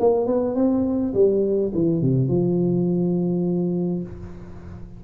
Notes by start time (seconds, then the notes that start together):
0.00 A#3
0.26 B3
0.55 C4
1.14 G3
1.74 E3
2.02 C3
2.29 F3